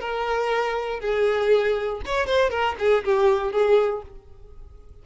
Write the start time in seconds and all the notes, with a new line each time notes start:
0.00 A#4
1.00 G#4
2.05 C#5
2.26 C5
2.50 A#4
2.79 G#4
3.04 G4
3.52 G#4